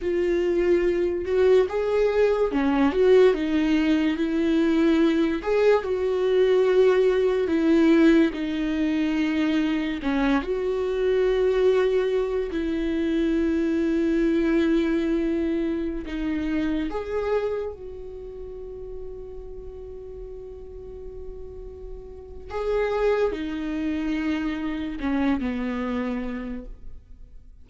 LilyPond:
\new Staff \with { instrumentName = "viola" } { \time 4/4 \tempo 4 = 72 f'4. fis'8 gis'4 cis'8 fis'8 | dis'4 e'4. gis'8 fis'4~ | fis'4 e'4 dis'2 | cis'8 fis'2~ fis'8 e'4~ |
e'2.~ e'16 dis'8.~ | dis'16 gis'4 fis'2~ fis'8.~ | fis'2. gis'4 | dis'2 cis'8 b4. | }